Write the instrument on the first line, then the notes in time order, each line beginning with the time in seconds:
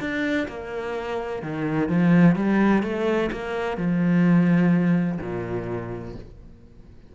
cello
0.00 D4
0.48 A#3
1.42 D#3
1.89 F3
2.36 G3
2.83 A3
3.32 A#3
3.77 F3
5.21 A#2